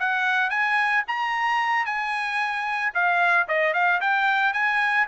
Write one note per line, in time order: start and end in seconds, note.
0.00 0.50 F#5
0.50 1.04 G#5
1.08 1.86 A#5
1.86 2.93 G#5
2.94 3.47 F5
3.48 3.74 D#5
3.74 4.01 F5
4.01 4.53 G5
4.53 5.07 G#5